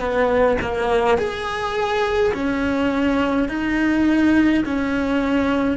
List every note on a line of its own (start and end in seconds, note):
0.00 0.58 B3
0.62 1.18 A#3
1.18 2.33 G#4
2.34 3.49 C#4
3.49 4.65 D#4
4.65 5.77 C#4